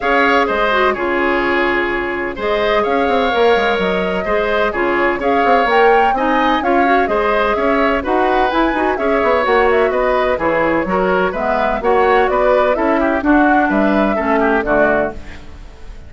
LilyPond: <<
  \new Staff \with { instrumentName = "flute" } { \time 4/4 \tempo 4 = 127 f''4 dis''4 cis''2~ | cis''4 dis''4 f''2 | dis''2 cis''4 f''4 | g''4 gis''4 f''4 dis''4 |
e''4 fis''4 gis''4 e''4 | fis''8 e''8 dis''4 cis''2 | e''4 fis''4 d''4 e''4 | fis''4 e''2 d''4 | }
  \new Staff \with { instrumentName = "oboe" } { \time 4/4 cis''4 c''4 gis'2~ | gis'4 c''4 cis''2~ | cis''4 c''4 gis'4 cis''4~ | cis''4 dis''4 cis''4 c''4 |
cis''4 b'2 cis''4~ | cis''4 b'4 gis'4 ais'4 | b'4 cis''4 b'4 a'8 g'8 | fis'4 b'4 a'8 g'8 fis'4 | }
  \new Staff \with { instrumentName = "clarinet" } { \time 4/4 gis'4. fis'8 f'2~ | f'4 gis'2 ais'4~ | ais'4 gis'4 f'4 gis'4 | ais'4 dis'4 f'8 fis'8 gis'4~ |
gis'4 fis'4 e'8 fis'8 gis'4 | fis'2 e'4 fis'4 | b4 fis'2 e'4 | d'2 cis'4 a4 | }
  \new Staff \with { instrumentName = "bassoon" } { \time 4/4 cis'4 gis4 cis2~ | cis4 gis4 cis'8 c'8 ais8 gis8 | fis4 gis4 cis4 cis'8 c'8 | ais4 c'4 cis'4 gis4 |
cis'4 dis'4 e'8 dis'8 cis'8 b8 | ais4 b4 e4 fis4 | gis4 ais4 b4 cis'4 | d'4 g4 a4 d4 | }
>>